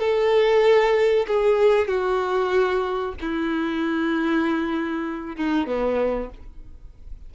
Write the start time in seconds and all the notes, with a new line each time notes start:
0.00 A4
1.28 G#4
1.88 F#4
3.22 E4
5.37 D#4
5.67 B3